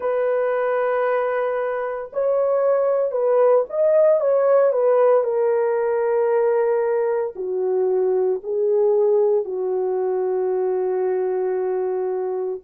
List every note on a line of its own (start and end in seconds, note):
0.00 2.11 B4
2.12 3.11 C#5
3.11 3.64 B4
3.69 4.20 D#5
4.20 4.72 C#5
4.72 5.23 B4
5.23 7.34 A#4
7.35 8.40 F#4
8.43 9.44 G#4
9.44 12.60 F#4